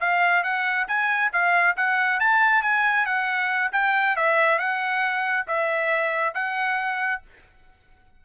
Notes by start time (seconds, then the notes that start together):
0.00 F5
0.43 F#5
0.88 G#5
1.32 F5
1.76 F#5
2.19 A5
2.62 G#5
3.06 F#5
3.72 G5
4.16 E5
4.58 F#5
5.47 E5
6.34 F#5